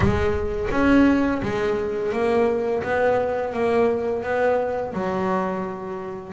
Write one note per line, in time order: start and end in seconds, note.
0.00 0.68 G#3
0.71 1.41 C#4
1.42 2.12 G#3
2.12 2.82 A#3
2.83 3.53 B3
3.53 4.23 A#3
4.23 4.93 B3
4.93 6.33 F#3